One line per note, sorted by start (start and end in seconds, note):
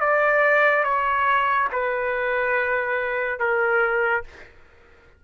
0.00 0.83 D5
0.83 1.68 C#5
1.72 3.39 B4
3.39 4.23 A#4